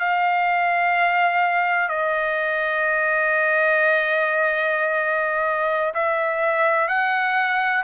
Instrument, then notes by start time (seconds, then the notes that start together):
trumpet
0.00 F5
1.89 D#5
5.95 E5
6.89 F#5